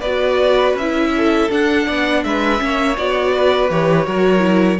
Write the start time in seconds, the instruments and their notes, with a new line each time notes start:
0.00 cello B3, viola F#4, violin B4 D5
0.74 cello C#4, violin E5
0.81 viola E4
1.17 violin A4
1.49 viola D4, cello D4, violin F#5
1.86 cello B3, violin D5
2.23 cello G#3, violin B4 E5
2.57 cello A#3, viola C#4
2.64 violin C#5
2.97 cello B3, viola F#4, violin D5
3.35 violin B4
3.70 cello E3, viola G4, violin C#5
4.06 cello F#3, viola F#4, violin A#4
4.39 viola E4